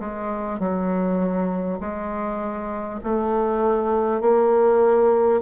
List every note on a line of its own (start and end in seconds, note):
0.00 0.59 G#3
0.59 1.79 F#3
1.81 3.01 G#3
3.04 4.21 A3
4.21 5.41 A#3